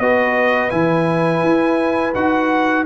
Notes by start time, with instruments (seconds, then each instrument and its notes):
0.00 tuba B3, trombone F#4, horn B4, trumpet D#5
0.70 tuba E3, trombone E4, trumpet G#5
1.44 tuba E4
2.15 tuba D#4, trombone F#4, trumpet F#5